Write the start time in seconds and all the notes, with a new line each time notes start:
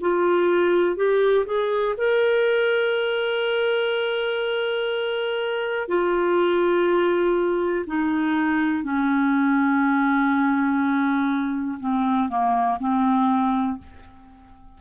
0.00 F4
0.96 G4
1.45 G#4
1.97 A#4
5.88 F4
7.86 D#4
8.83 C#4
11.79 C4
12.29 A#3
12.80 C4